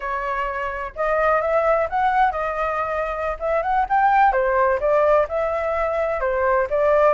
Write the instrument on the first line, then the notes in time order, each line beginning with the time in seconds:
flute
0.00 C#5
0.95 D#5
1.41 E5
1.89 F#5
2.31 D#5
3.39 E5
3.62 F#5
3.89 G5
4.32 C5
4.79 D5
5.28 E5
6.20 C5
6.70 D5